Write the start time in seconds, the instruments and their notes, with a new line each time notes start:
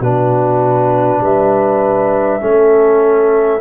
0.00 tuba B2, trombone D4, horn F#4, flute B4
1.20 tuba G3, horn B4, flute E5
2.41 tuba A3, trombone C#4, horn A4